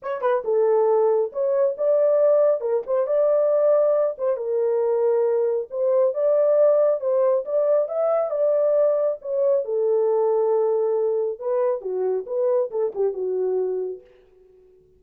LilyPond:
\new Staff \with { instrumentName = "horn" } { \time 4/4 \tempo 4 = 137 cis''8 b'8 a'2 cis''4 | d''2 ais'8 c''8 d''4~ | d''4. c''8 ais'2~ | ais'4 c''4 d''2 |
c''4 d''4 e''4 d''4~ | d''4 cis''4 a'2~ | a'2 b'4 fis'4 | b'4 a'8 g'8 fis'2 | }